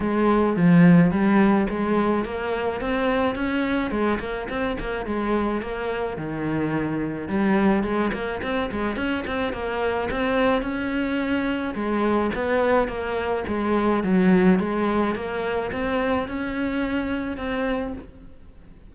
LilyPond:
\new Staff \with { instrumentName = "cello" } { \time 4/4 \tempo 4 = 107 gis4 f4 g4 gis4 | ais4 c'4 cis'4 gis8 ais8 | c'8 ais8 gis4 ais4 dis4~ | dis4 g4 gis8 ais8 c'8 gis8 |
cis'8 c'8 ais4 c'4 cis'4~ | cis'4 gis4 b4 ais4 | gis4 fis4 gis4 ais4 | c'4 cis'2 c'4 | }